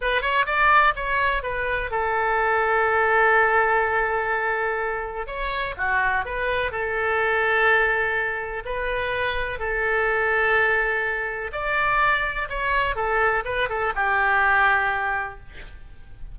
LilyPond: \new Staff \with { instrumentName = "oboe" } { \time 4/4 \tempo 4 = 125 b'8 cis''8 d''4 cis''4 b'4 | a'1~ | a'2. cis''4 | fis'4 b'4 a'2~ |
a'2 b'2 | a'1 | d''2 cis''4 a'4 | b'8 a'8 g'2. | }